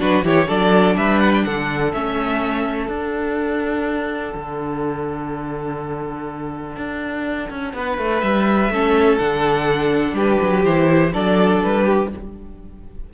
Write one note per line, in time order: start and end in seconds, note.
0.00 0.23 F#3
0.00 0.24 D4
0.00 0.24 F#4
0.00 0.25 B4
0.23 0.47 E3
0.23 0.47 E4
0.23 0.48 G4
0.23 0.48 C#5
0.47 0.97 F#3
0.47 1.92 D4
0.47 0.97 A4
0.47 0.96 D5
0.97 1.46 G3
0.97 1.45 B4
0.97 1.21 E5
1.21 1.33 F#5
1.34 1.45 G5
1.45 1.94 D3
1.45 7.74 A4
1.45 1.93 F#5
1.94 2.89 A3
1.94 2.90 C#4
1.94 2.90 E5
2.89 4.34 D4
2.89 8.71 D4
2.89 8.21 F#5
4.35 6.77 D3
6.77 7.49 D4
7.50 7.74 C#4
7.74 7.98 B3
7.74 8.73 B4
7.98 8.22 A3
8.21 8.70 G3
8.21 9.18 E5
8.70 9.18 A3
8.70 9.20 C#4
8.70 10.15 A4
9.18 10.13 D3
9.18 10.64 D4
9.18 10.15 F#5
10.13 10.38 G3
10.13 11.11 G4
10.13 10.64 B4
10.42 10.65 F#3
10.64 11.14 E3
10.64 11.13 E4
10.64 11.13 C5
11.13 11.64 F#3
11.13 12.10 D4
11.13 11.84 A4
11.13 11.62 D5
11.63 12.14 G3
11.63 12.12 B4
11.84 12.09 G4